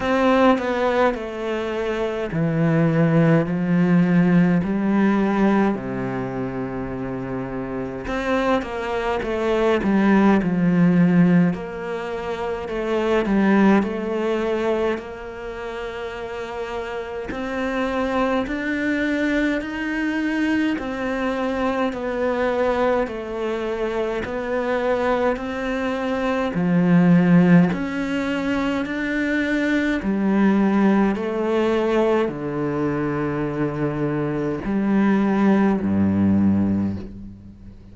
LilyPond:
\new Staff \with { instrumentName = "cello" } { \time 4/4 \tempo 4 = 52 c'8 b8 a4 e4 f4 | g4 c2 c'8 ais8 | a8 g8 f4 ais4 a8 g8 | a4 ais2 c'4 |
d'4 dis'4 c'4 b4 | a4 b4 c'4 f4 | cis'4 d'4 g4 a4 | d2 g4 g,4 | }